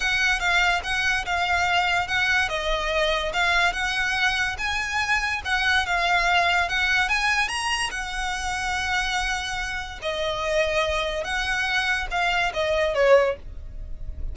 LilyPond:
\new Staff \with { instrumentName = "violin" } { \time 4/4 \tempo 4 = 144 fis''4 f''4 fis''4 f''4~ | f''4 fis''4 dis''2 | f''4 fis''2 gis''4~ | gis''4 fis''4 f''2 |
fis''4 gis''4 ais''4 fis''4~ | fis''1 | dis''2. fis''4~ | fis''4 f''4 dis''4 cis''4 | }